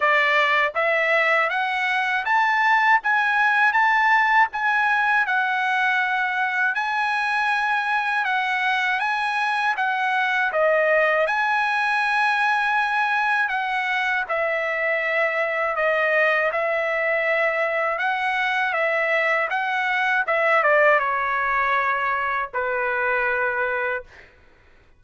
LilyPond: \new Staff \with { instrumentName = "trumpet" } { \time 4/4 \tempo 4 = 80 d''4 e''4 fis''4 a''4 | gis''4 a''4 gis''4 fis''4~ | fis''4 gis''2 fis''4 | gis''4 fis''4 dis''4 gis''4~ |
gis''2 fis''4 e''4~ | e''4 dis''4 e''2 | fis''4 e''4 fis''4 e''8 d''8 | cis''2 b'2 | }